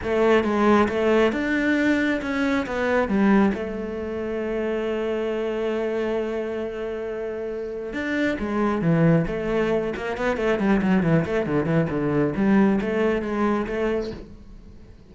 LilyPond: \new Staff \with { instrumentName = "cello" } { \time 4/4 \tempo 4 = 136 a4 gis4 a4 d'4~ | d'4 cis'4 b4 g4 | a1~ | a1~ |
a2 d'4 gis4 | e4 a4. ais8 b8 a8 | g8 fis8 e8 a8 d8 e8 d4 | g4 a4 gis4 a4 | }